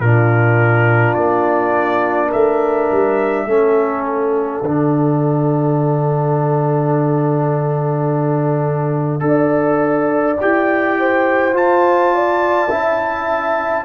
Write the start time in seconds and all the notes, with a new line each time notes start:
0.00 A#2 D4 F4 A#4
1.14 A#3 D5
2.28 A3 A#4 E5
2.91 G3
3.46 A3 C#4 A4
4.04 F5
4.62 D3 D4
9.20 D4 A4
9.28 D5
10.40 E4 G4 G5
11.00 C5
11.54 F4 A5
12.15 D5
12.69 C#4 E4 E5